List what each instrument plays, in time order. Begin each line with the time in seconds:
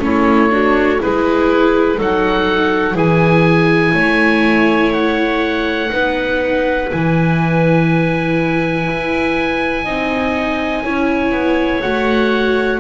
0.00 double bass A3, viola C#4, clarinet E4, oboe C#5
0.50 viola D4, clarinet F#4
1.00 double bass G#3, viola E4, clarinet G#4, oboe B4
1.96 double bass F#3, viola D#4, clarinet A4, oboe F#5
2.93 double bass E3, viola E4, clarinet G#4, oboe G#5
3.94 double bass A3, clarinet C#5
4.93 oboe F#5
5.90 double bass B3, viola D#4, clarinet B4
6.91 double bass E3, viola E4, oboe G#5
8.89 double bass E4
9.84 double bass C4, viola D#4, clarinet D#5
10.84 double bass C#4, viola E4, clarinet C#5
11.32 double bass B3
11.82 double bass A3, viola F#4, oboe F#5